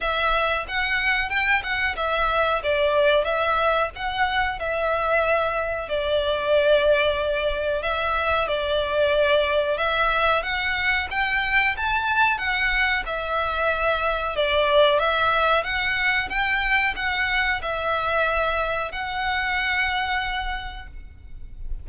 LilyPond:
\new Staff \with { instrumentName = "violin" } { \time 4/4 \tempo 4 = 92 e''4 fis''4 g''8 fis''8 e''4 | d''4 e''4 fis''4 e''4~ | e''4 d''2. | e''4 d''2 e''4 |
fis''4 g''4 a''4 fis''4 | e''2 d''4 e''4 | fis''4 g''4 fis''4 e''4~ | e''4 fis''2. | }